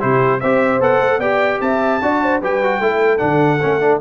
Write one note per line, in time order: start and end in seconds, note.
0.00 0.43 C3
0.00 0.40 E4
0.00 0.41 G4
0.00 0.40 C5
0.40 0.79 C4
0.40 0.80 G4
0.40 1.19 C5
0.40 0.80 E5
0.79 0.99 B3
0.79 1.20 A4
0.79 1.20 F#5
1.00 1.18 A3
1.18 1.58 B3
1.18 2.01 G4
1.18 1.59 D5
1.18 1.60 G5
1.61 2.01 C4
1.61 2.02 E5
1.61 2.41 A5
2.02 2.41 D4
2.02 2.42 F#4
2.02 2.23 D5
2.23 2.41 C5
2.41 2.80 G3
2.41 2.62 G4
2.41 2.81 B4
2.41 3.18 G5
2.62 2.82 F#4
2.80 3.20 A3
2.80 3.18 E4
2.80 4.01 A4
3.18 3.62 D3
3.18 3.58 D4
3.18 3.98 F#5
3.61 4.01 A3
3.61 3.80 C#4
3.80 4.00 D4